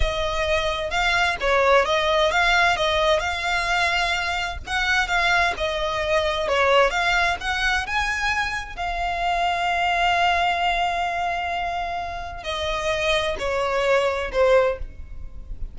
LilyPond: \new Staff \with { instrumentName = "violin" } { \time 4/4 \tempo 4 = 130 dis''2 f''4 cis''4 | dis''4 f''4 dis''4 f''4~ | f''2 fis''4 f''4 | dis''2 cis''4 f''4 |
fis''4 gis''2 f''4~ | f''1~ | f''2. dis''4~ | dis''4 cis''2 c''4 | }